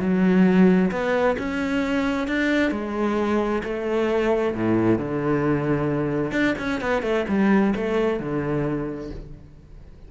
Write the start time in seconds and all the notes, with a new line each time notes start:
0.00 F#3
0.91 B3
1.38 C#4
2.28 D4
2.71 G#3
3.64 A3
4.55 A2
4.99 D3
6.32 D4
6.59 C#4
6.81 B3
7.02 A3
7.29 G3
7.76 A3
8.20 D3